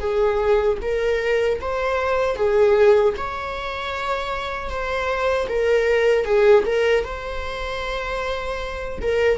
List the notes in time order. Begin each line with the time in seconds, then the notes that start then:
0.00 G#4
0.82 A#4
1.61 C5
2.36 G#4
3.17 C#5
4.70 C5
5.49 A#4
6.25 G#4
6.66 A#4
7.04 C5
9.02 A#4